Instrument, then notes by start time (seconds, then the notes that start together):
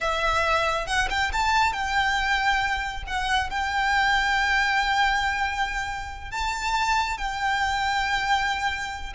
violin
0.01 E5
0.86 F#5
1.09 G5
1.32 A5
1.73 G5
3.06 F#5
3.50 G5
6.31 A5
7.17 G5